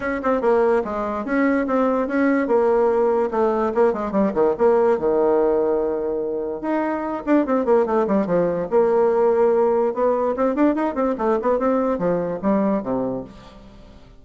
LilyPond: \new Staff \with { instrumentName = "bassoon" } { \time 4/4 \tempo 4 = 145 cis'8 c'8 ais4 gis4 cis'4 | c'4 cis'4 ais2 | a4 ais8 gis8 g8 dis8 ais4 | dis1 |
dis'4. d'8 c'8 ais8 a8 g8 | f4 ais2. | b4 c'8 d'8 dis'8 c'8 a8 b8 | c'4 f4 g4 c4 | }